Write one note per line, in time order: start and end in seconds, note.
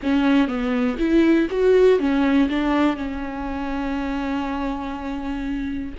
0.02 0.48 C#4
0.48 0.97 B3
0.98 1.48 E4
1.50 1.99 F#4
1.99 2.48 C#4
2.49 2.96 D4
2.96 5.94 C#4